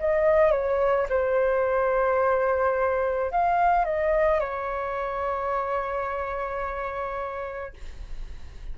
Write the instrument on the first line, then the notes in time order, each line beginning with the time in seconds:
flute
0.00 D#5
0.52 C#5
1.10 C5
3.31 F5
3.85 D#5
4.40 C#5